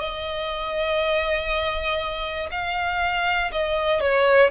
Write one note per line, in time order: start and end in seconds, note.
0.00 2.50 D#5
2.52 3.52 F5
3.52 4.01 D#5
4.01 4.51 C#5